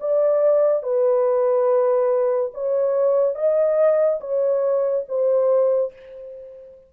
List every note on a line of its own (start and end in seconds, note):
0.00 0.83 D5
0.83 2.52 B4
2.54 3.35 C#5
3.35 4.19 D#5
4.20 5.05 C#5
5.08 5.93 C5